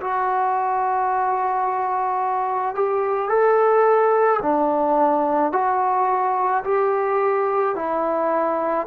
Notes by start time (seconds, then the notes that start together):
0.00 F#4
2.75 G4
3.29 A4
4.42 D4
5.52 F#4
6.64 G4
7.75 E4